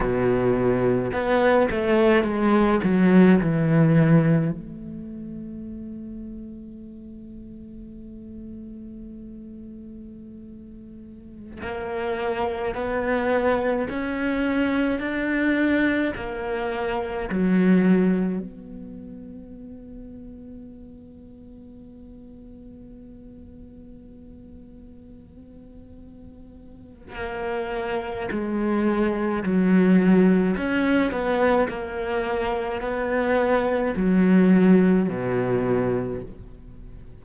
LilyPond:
\new Staff \with { instrumentName = "cello" } { \time 4/4 \tempo 4 = 53 b,4 b8 a8 gis8 fis8 e4 | a1~ | a2~ a16 ais4 b8.~ | b16 cis'4 d'4 ais4 fis8.~ |
fis16 b2.~ b8.~ | b1 | ais4 gis4 fis4 cis'8 b8 | ais4 b4 fis4 b,4 | }